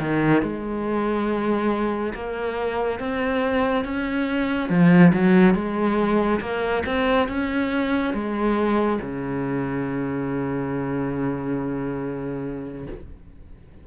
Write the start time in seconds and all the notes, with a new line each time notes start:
0.00 D#3
0.42 G#3
2.15 A#3
3.00 C4
3.85 C#4
4.69 F3
5.13 F#3
5.55 G#3
6.41 A#3
6.86 C4
7.29 C#4
8.14 G#3
9.02 C#3